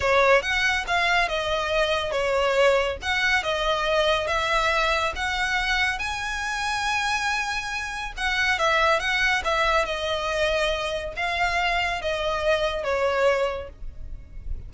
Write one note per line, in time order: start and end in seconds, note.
0.00 0.41 C#5
0.41 0.84 F#5
0.87 1.28 F5
1.28 2.11 D#5
2.11 2.97 C#5
3.02 3.43 F#5
3.43 4.27 D#5
4.27 5.13 E5
5.15 5.98 F#5
5.98 8.13 G#5
8.17 8.58 F#5
8.58 8.99 E5
8.99 9.42 F#5
9.44 9.85 E5
9.85 11.13 D#5
11.16 12.01 F5
12.01 12.83 D#5
12.83 13.69 C#5